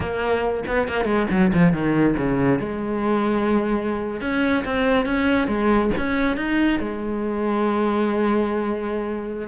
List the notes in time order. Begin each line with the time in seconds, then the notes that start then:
0.00 A#3
0.67 B3
0.88 A#3
1.04 G#3
1.30 F#3
1.53 F3
1.72 D#3
2.17 C#3
2.59 G#3
4.20 C#4
4.64 C4
5.05 C#4
5.47 G#3
5.97 C#4
6.37 D#4
6.79 G#3